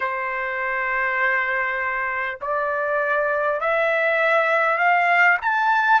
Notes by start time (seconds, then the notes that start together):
0.00 C5
2.41 D5
3.60 E5
4.77 F5
5.41 A5